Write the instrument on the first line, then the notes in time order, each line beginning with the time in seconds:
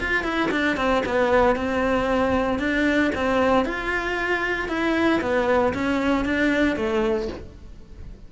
cello
0.00 F4
0.23 E4
0.51 D4
0.76 C4
1.05 B3
1.55 C4
2.59 D4
3.15 C4
3.65 F4
4.68 E4
5.21 B3
5.73 C#4
6.25 D4
6.76 A3